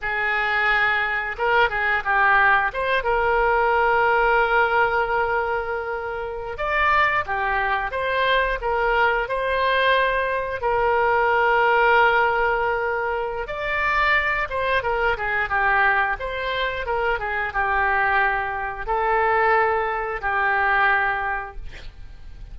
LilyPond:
\new Staff \with { instrumentName = "oboe" } { \time 4/4 \tempo 4 = 89 gis'2 ais'8 gis'8 g'4 | c''8 ais'2.~ ais'8~ | ais'4.~ ais'16 d''4 g'4 c''16~ | c''8. ais'4 c''2 ais'16~ |
ais'1 | d''4. c''8 ais'8 gis'8 g'4 | c''4 ais'8 gis'8 g'2 | a'2 g'2 | }